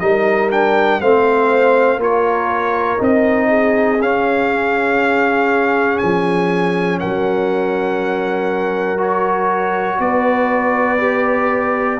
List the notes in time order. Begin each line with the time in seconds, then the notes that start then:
0.00 G3 D#4 A#4 D#5
0.51 D4 G5
1.01 A3 C4 C5 F5
1.97 A#3 F4 A#4 C#5
2.99 C4 D#4 D#5
3.49 G#4
4.01 C#4 F5
5.99 F3 G#5
7.00 F#3 A#4 F#5
8.98 F#4 C#5
10.00 B3 B4 D5
10.99 G4